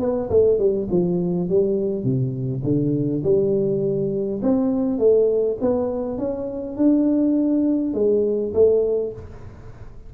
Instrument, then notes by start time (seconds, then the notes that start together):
tuba
0.00 B3
0.30 A3
0.59 G3
0.91 F3
1.49 G3
2.04 C3
2.64 D3
3.24 G3
4.42 C4
4.98 A3
5.61 B3
6.18 C#4
6.77 D4
7.94 G#3
8.54 A3